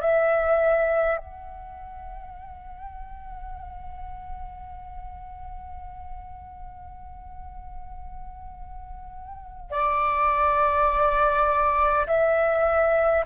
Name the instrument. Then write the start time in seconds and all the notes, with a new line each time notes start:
flute
0.00 E5
1.17 F#5
9.71 D5
12.06 E5